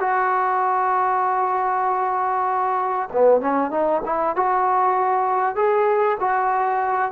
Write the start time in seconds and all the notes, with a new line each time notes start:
0.00 F#4
3.13 B3
3.41 C#4
3.71 D#4
4.05 E4
4.36 F#4
5.56 G#4
6.20 F#4